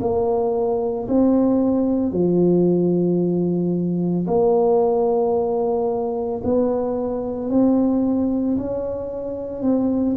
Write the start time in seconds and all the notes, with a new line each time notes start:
0.00 A#3
1.08 C4
2.11 F3
4.27 A#3
6.44 B3
7.50 C4
8.57 C#4
9.62 C4